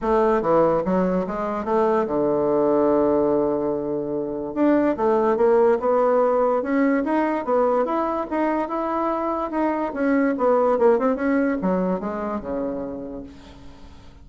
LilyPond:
\new Staff \with { instrumentName = "bassoon" } { \time 4/4 \tempo 4 = 145 a4 e4 fis4 gis4 | a4 d2.~ | d2. d'4 | a4 ais4 b2 |
cis'4 dis'4 b4 e'4 | dis'4 e'2 dis'4 | cis'4 b4 ais8 c'8 cis'4 | fis4 gis4 cis2 | }